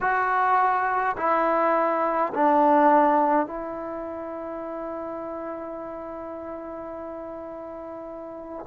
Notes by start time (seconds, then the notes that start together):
0.00 F#4
1.17 E4
2.33 D4
3.46 E4